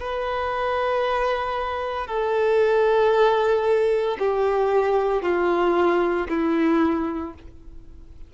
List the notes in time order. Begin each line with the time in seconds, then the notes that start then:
0.00 B4
2.07 A4
4.19 G4
5.22 F4
6.29 E4